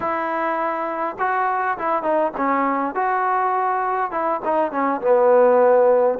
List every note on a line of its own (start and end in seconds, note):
0.00 1.16 E4
1.18 1.77 F#4
1.78 2.02 E4
2.02 2.32 D#4
2.37 2.94 C#4
2.94 4.11 F#4
4.11 4.40 E4
4.44 4.71 D#4
4.71 5.01 C#4
5.01 6.18 B3